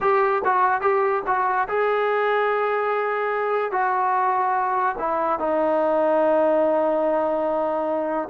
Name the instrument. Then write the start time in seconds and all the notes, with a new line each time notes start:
trombone
0.00 G4
0.44 F#4
0.81 G4
1.26 F#4
1.68 G#4
3.71 F#4
4.99 E4
5.39 D#4